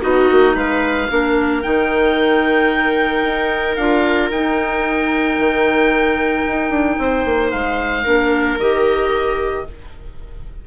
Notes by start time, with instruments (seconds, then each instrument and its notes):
0.00 bassoon B3, clarinet D#4, viola F#4, oboe D#5
0.31 bassoon A#3
0.55 bassoon G#3, viola B4, oboe F5
1.09 bassoon A#3, clarinet D4, viola A#4
1.62 bassoon D#3, clarinet D#4, oboe G5
3.23 bassoon D#4
3.75 bassoon D4, clarinet F4, oboe F5
4.30 bassoon D#4, clarinet D#4, oboe G5
5.38 bassoon D#3
6.47 bassoon D#4
6.69 bassoon D4
6.98 bassoon C4, viola C5
7.24 bassoon A#3
7.51 bassoon G#3, oboe F5
8.03 bassoon A#3, clarinet D4, viola A#4
8.58 bassoon D#3, clarinet G4, oboe D#5